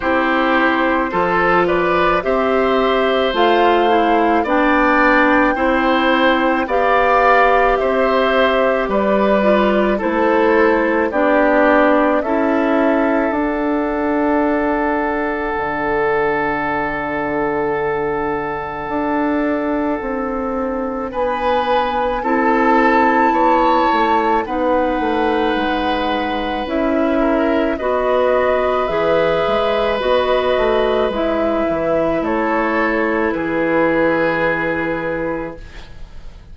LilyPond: <<
  \new Staff \with { instrumentName = "flute" } { \time 4/4 \tempo 4 = 54 c''4. d''8 e''4 f''4 | g''2 f''4 e''4 | d''4 c''4 d''4 e''4 | fis''1~ |
fis''2. gis''4 | a''2 fis''2 | e''4 dis''4 e''4 dis''4 | e''4 cis''4 b'2 | }
  \new Staff \with { instrumentName = "oboe" } { \time 4/4 g'4 a'8 b'8 c''2 | d''4 c''4 d''4 c''4 | b'4 a'4 g'4 a'4~ | a'1~ |
a'2. b'4 | a'4 cis''4 b'2~ | b'8 ais'8 b'2.~ | b'4 a'4 gis'2 | }
  \new Staff \with { instrumentName = "clarinet" } { \time 4/4 e'4 f'4 g'4 f'8 e'8 | d'4 e'4 g'2~ | g'8 f'8 e'4 d'4 e'4 | d'1~ |
d'1 | e'2 dis'2 | e'4 fis'4 gis'4 fis'4 | e'1 | }
  \new Staff \with { instrumentName = "bassoon" } { \time 4/4 c'4 f4 c'4 a4 | b4 c'4 b4 c'4 | g4 a4 b4 cis'4 | d'2 d2~ |
d4 d'4 c'4 b4 | c'4 b8 a8 b8 a8 gis4 | cis'4 b4 e8 gis8 b8 a8 | gis8 e8 a4 e2 | }
>>